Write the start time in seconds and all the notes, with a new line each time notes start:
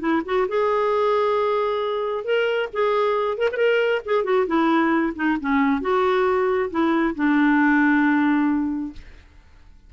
0.00 E4
0.25 F#4
0.48 G#4
2.25 A#4
2.73 G#4
3.38 A#4
3.52 A#4 B4
4.05 G#4
4.24 F#4
4.47 E4
5.16 D#4
5.40 C#4
5.81 F#4
6.71 E4
7.15 D4